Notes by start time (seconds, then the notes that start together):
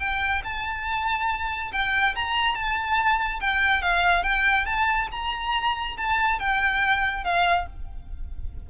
0.00 G5
0.44 A5
1.73 G5
2.16 A#5
2.55 A5
3.41 G5
3.82 F5
4.23 G5
4.66 A5
5.12 A#5
5.97 A5
6.40 G5
7.24 F5